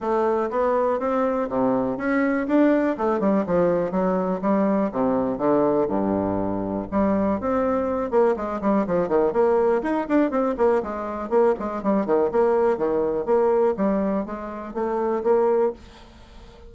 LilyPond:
\new Staff \with { instrumentName = "bassoon" } { \time 4/4 \tempo 4 = 122 a4 b4 c'4 c4 | cis'4 d'4 a8 g8 f4 | fis4 g4 c4 d4 | g,2 g4 c'4~ |
c'8 ais8 gis8 g8 f8 dis8 ais4 | dis'8 d'8 c'8 ais8 gis4 ais8 gis8 | g8 dis8 ais4 dis4 ais4 | g4 gis4 a4 ais4 | }